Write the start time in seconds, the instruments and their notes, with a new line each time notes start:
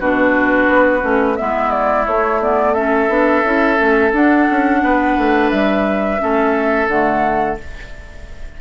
0.00 bassoon B2, clarinet D4, oboe F#4, flute B4
0.68 bassoon B3
1.02 bassoon A3, clarinet C#4
1.37 bassoon G#3, clarinet B3, oboe E4, flute E5
1.71 flute D5
2.06 bassoon A3, clarinet A3, flute C#5
2.42 clarinet B3, flute D5
2.73 clarinet C#4, oboe A4, flute E5
3.08 bassoon B3, clarinet D4
3.44 bassoon C#4, clarinet E4
3.77 bassoon A3, clarinet C#4
4.13 bassoon D4, clarinet D4, flute F#5
4.50 bassoon C#4
4.83 bassoon B3, oboe B4
5.18 bassoon A3
5.50 bassoon G3, flute E5
6.19 bassoon A3, clarinet C#4, oboe A4
6.88 bassoon D3, clarinet A3, flute F#5